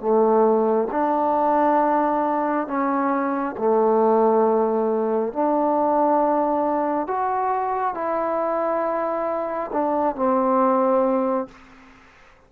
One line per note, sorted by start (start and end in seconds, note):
0.00 0.88 A3
0.91 2.67 D4
2.67 3.55 C#4
3.58 5.33 A3
5.33 7.07 D4
7.07 7.94 F#4
7.94 9.71 E4
9.73 10.16 D4
10.16 11.48 C4